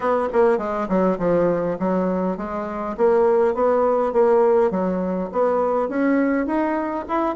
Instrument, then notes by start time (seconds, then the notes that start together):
bassoon
0.00 B3
0.32 A#3
0.58 G#3
0.88 F#3
1.18 F3
1.79 F#3
2.37 G#3
2.97 A#3
3.54 B3
4.12 A#3
4.70 F#3
5.32 B3
5.88 C#4
6.46 D#4
7.08 E4